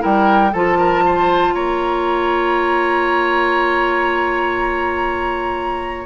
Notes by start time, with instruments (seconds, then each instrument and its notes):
0.00 bassoon G3, clarinet E4, oboe A#4, flute G5
0.53 bassoon F3, clarinet F4, oboe A4, flute A5
0.79 oboe A#4
1.06 oboe C5
1.54 bassoon A#3, oboe C#5, flute A#5